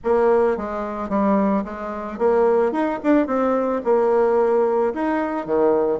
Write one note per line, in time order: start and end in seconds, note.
0.03 0.57 A#3
0.57 1.09 G#3
1.09 1.63 G3
1.64 2.18 G#3
2.18 2.71 A#3
2.71 2.99 D#4
3.03 3.27 D4
3.27 3.81 C4
3.84 4.93 A#3
4.94 5.46 D#4
5.46 5.99 D#3